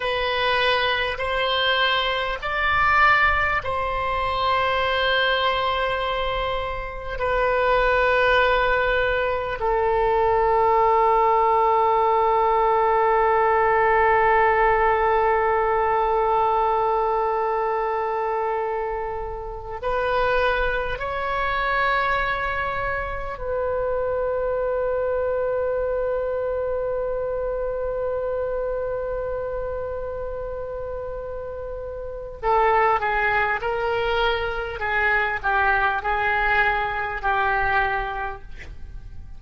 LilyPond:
\new Staff \with { instrumentName = "oboe" } { \time 4/4 \tempo 4 = 50 b'4 c''4 d''4 c''4~ | c''2 b'2 | a'1~ | a'1~ |
a'8 b'4 cis''2 b'8~ | b'1~ | b'2. a'8 gis'8 | ais'4 gis'8 g'8 gis'4 g'4 | }